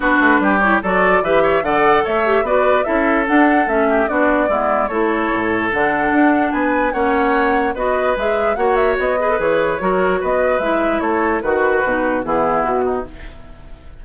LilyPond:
<<
  \new Staff \with { instrumentName = "flute" } { \time 4/4 \tempo 4 = 147 b'4. cis''8 d''4 e''4 | fis''4 e''4 d''4 e''4 | fis''4 e''4 d''2 | cis''2 fis''2 |
gis''4 fis''2 dis''4 | e''4 fis''8 e''8 dis''4 cis''4~ | cis''4 dis''4 e''4 cis''4 | b'2 gis'4 fis'4 | }
  \new Staff \with { instrumentName = "oboe" } { \time 4/4 fis'4 g'4 a'4 b'8 cis''8 | d''4 cis''4 b'4 a'4~ | a'4. g'8 fis'4 e'4 | a'1 |
b'4 cis''2 b'4~ | b'4 cis''4. b'4. | ais'4 b'2 a'4 | fis'2 e'4. dis'8 | }
  \new Staff \with { instrumentName = "clarinet" } { \time 4/4 d'4. e'8 fis'4 g'4 | a'4. g'8 fis'4 e'4 | d'4 cis'4 d'4 b4 | e'2 d'2~ |
d'4 cis'2 fis'4 | gis'4 fis'4. gis'16 a'16 gis'4 | fis'2 e'2 | fis'4 dis'4 b2 | }
  \new Staff \with { instrumentName = "bassoon" } { \time 4/4 b8 a8 g4 fis4 e4 | d4 a4 b4 cis'4 | d'4 a4 b4 gis4 | a4 a,4 d4 d'4 |
b4 ais2 b4 | gis4 ais4 b4 e4 | fis4 b4 gis4 a4 | dis4 b,4 e4 b,4 | }
>>